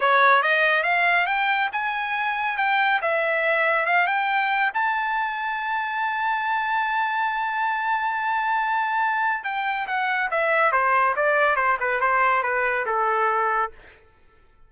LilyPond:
\new Staff \with { instrumentName = "trumpet" } { \time 4/4 \tempo 4 = 140 cis''4 dis''4 f''4 g''4 | gis''2 g''4 e''4~ | e''4 f''8 g''4. a''4~ | a''1~ |
a''1~ | a''2 g''4 fis''4 | e''4 c''4 d''4 c''8 b'8 | c''4 b'4 a'2 | }